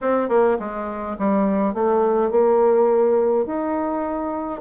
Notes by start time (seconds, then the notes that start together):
0.01 C4
0.28 A#3
0.59 G#3
1.18 G3
1.74 A3
2.31 A#3
3.46 D#4